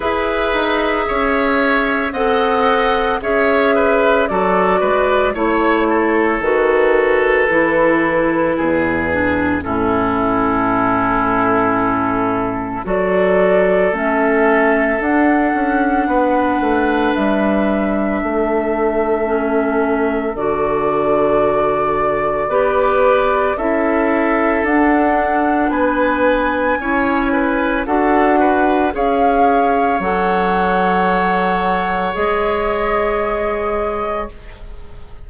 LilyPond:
<<
  \new Staff \with { instrumentName = "flute" } { \time 4/4 \tempo 4 = 56 e''2 fis''4 e''4 | d''4 cis''4 b'2~ | b'4 a'2. | d''4 e''4 fis''2 |
e''2. d''4~ | d''2 e''4 fis''4 | gis''2 fis''4 f''4 | fis''2 dis''2 | }
  \new Staff \with { instrumentName = "oboe" } { \time 4/4 b'4 cis''4 dis''4 cis''8 b'8 | a'8 b'8 cis''8 a'2~ a'8 | gis'4 e'2. | a'2. b'4~ |
b'4 a'2.~ | a'4 b'4 a'2 | b'4 cis''8 b'8 a'8 b'8 cis''4~ | cis''1 | }
  \new Staff \with { instrumentName = "clarinet" } { \time 4/4 gis'2 a'4 gis'4 | fis'4 e'4 fis'4 e'4~ | e'8 d'8 cis'2. | fis'4 cis'4 d'2~ |
d'2 cis'4 fis'4~ | fis'4 g'4 e'4 d'4~ | d'4 e'4 fis'4 gis'4 | a'2 gis'2 | }
  \new Staff \with { instrumentName = "bassoon" } { \time 4/4 e'8 dis'8 cis'4 c'4 cis'4 | fis8 gis8 a4 dis4 e4 | e,4 a,2. | fis4 a4 d'8 cis'8 b8 a8 |
g4 a2 d4~ | d4 b4 cis'4 d'4 | b4 cis'4 d'4 cis'4 | fis2 gis2 | }
>>